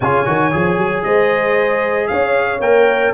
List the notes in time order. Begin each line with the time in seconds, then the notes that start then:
0.00 C#3 F4 C#5 G#5
0.25 D#3 F#4
0.51 F3 G#4
0.77 F#3
1.03 G#3 C5 D#5
2.07 C#4 C#5 F5
2.59 A#3 A#4 G5